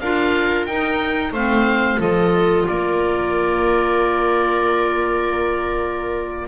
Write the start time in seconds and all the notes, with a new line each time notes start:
0.00 D4 F4 A#4 F5
0.66 D#4 G5
1.32 A3 C4 C5 F5
1.98 F3 F4 A4 D#5
2.67 A#3 A#4 D5